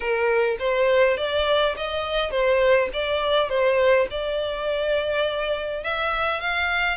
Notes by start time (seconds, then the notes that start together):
0.00 A#4
0.59 C5
1.17 D5
1.76 D#5
2.30 C5
2.93 D5
3.49 C5
4.10 D5
5.83 E5
6.40 F5